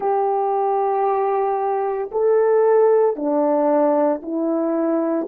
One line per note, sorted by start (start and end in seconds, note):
0.00 2.10 G4
2.11 3.16 A4
3.16 4.21 D4
4.22 5.27 E4